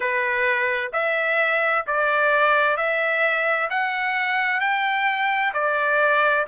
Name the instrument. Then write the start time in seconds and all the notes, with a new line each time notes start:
trumpet
0.00 B4
0.92 E5
1.86 D5
2.77 E5
3.69 F#5
4.60 G5
5.53 D5